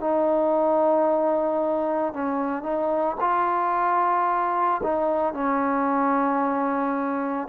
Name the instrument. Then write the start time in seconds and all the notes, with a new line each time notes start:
trombone
0.00 D#4
2.13 C#4
2.63 D#4
3.20 F4
4.84 D#4
5.34 C#4